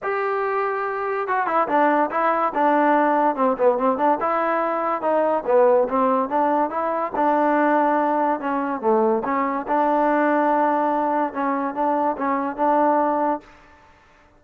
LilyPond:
\new Staff \with { instrumentName = "trombone" } { \time 4/4 \tempo 4 = 143 g'2. fis'8 e'8 | d'4 e'4 d'2 | c'8 b8 c'8 d'8 e'2 | dis'4 b4 c'4 d'4 |
e'4 d'2. | cis'4 a4 cis'4 d'4~ | d'2. cis'4 | d'4 cis'4 d'2 | }